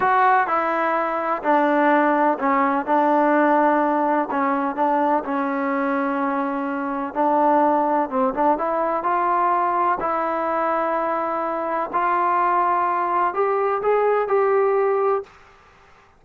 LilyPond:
\new Staff \with { instrumentName = "trombone" } { \time 4/4 \tempo 4 = 126 fis'4 e'2 d'4~ | d'4 cis'4 d'2~ | d'4 cis'4 d'4 cis'4~ | cis'2. d'4~ |
d'4 c'8 d'8 e'4 f'4~ | f'4 e'2.~ | e'4 f'2. | g'4 gis'4 g'2 | }